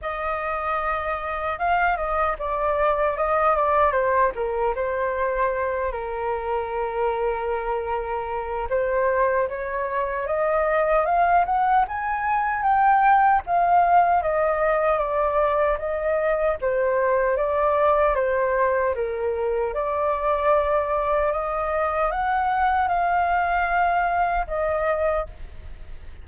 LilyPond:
\new Staff \with { instrumentName = "flute" } { \time 4/4 \tempo 4 = 76 dis''2 f''8 dis''8 d''4 | dis''8 d''8 c''8 ais'8 c''4. ais'8~ | ais'2. c''4 | cis''4 dis''4 f''8 fis''8 gis''4 |
g''4 f''4 dis''4 d''4 | dis''4 c''4 d''4 c''4 | ais'4 d''2 dis''4 | fis''4 f''2 dis''4 | }